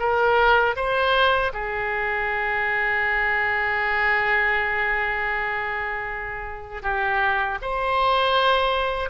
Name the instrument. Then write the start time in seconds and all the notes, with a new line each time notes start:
oboe
0.00 A#4
0.77 C5
1.54 G#4
6.83 G4
7.62 C5